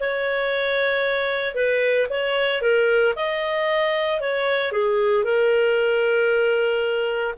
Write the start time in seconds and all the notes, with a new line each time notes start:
0.00 C#5
1.55 B4
2.10 C#5
2.61 A#4
3.15 D#5
4.20 C#5
4.72 G#4
5.24 A#4